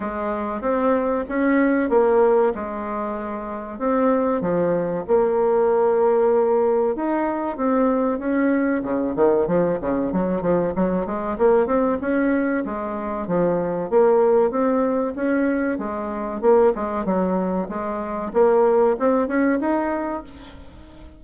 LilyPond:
\new Staff \with { instrumentName = "bassoon" } { \time 4/4 \tempo 4 = 95 gis4 c'4 cis'4 ais4 | gis2 c'4 f4 | ais2. dis'4 | c'4 cis'4 cis8 dis8 f8 cis8 |
fis8 f8 fis8 gis8 ais8 c'8 cis'4 | gis4 f4 ais4 c'4 | cis'4 gis4 ais8 gis8 fis4 | gis4 ais4 c'8 cis'8 dis'4 | }